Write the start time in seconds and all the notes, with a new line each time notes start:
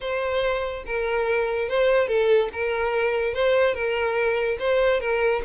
0.00 C5
0.86 A#4
1.69 C5
2.07 A4
2.52 A#4
3.34 C5
3.74 A#4
4.59 C5
5.00 A#4